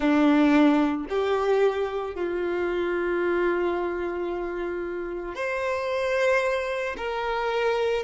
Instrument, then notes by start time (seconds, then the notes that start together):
violin
0.00 D4
1.09 G4
2.14 F4
5.34 C5
6.96 A#4